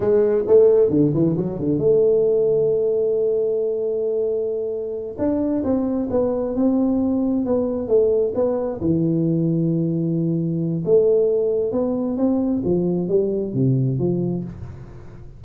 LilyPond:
\new Staff \with { instrumentName = "tuba" } { \time 4/4 \tempo 4 = 133 gis4 a4 d8 e8 fis8 d8 | a1~ | a2.~ a8 d'8~ | d'8 c'4 b4 c'4.~ |
c'8 b4 a4 b4 e8~ | e1 | a2 b4 c'4 | f4 g4 c4 f4 | }